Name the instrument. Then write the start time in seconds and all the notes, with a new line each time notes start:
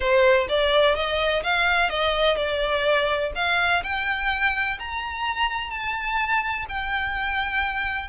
violin
0.00 C5
0.48 D5
0.95 D#5
1.43 F5
1.89 D#5
2.36 D5
3.35 F5
3.83 G5
4.79 A#5
5.70 A5
6.68 G5